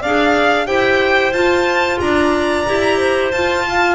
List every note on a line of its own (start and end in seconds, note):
0.00 0.68 D4
0.00 0.66 G#4
0.00 0.66 D5
0.00 0.67 F5
0.66 1.33 E4
0.66 1.32 G4
0.66 1.99 C5
0.66 1.33 G5
1.33 1.99 F4
1.33 2.66 F4
1.33 1.99 A5
2.00 2.67 D4
2.00 2.98 D5
2.00 3.32 A#5
2.66 3.33 E4
2.66 3.32 G4
2.98 3.63 C5
3.32 3.95 F4
3.32 3.95 A5
3.69 3.95 F5